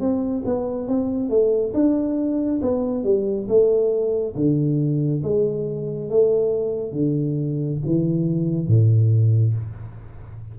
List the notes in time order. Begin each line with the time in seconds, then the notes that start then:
0.00 C4
0.45 B3
0.88 C4
1.30 A3
1.74 D4
2.62 B3
3.04 G3
3.48 A3
4.36 D3
5.23 G#3
6.10 A3
6.92 D3
7.86 E3
8.67 A2